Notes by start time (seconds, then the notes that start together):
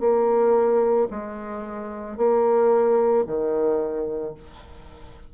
0.00 A#3
1.10 G#3
2.17 A#3
3.27 D#3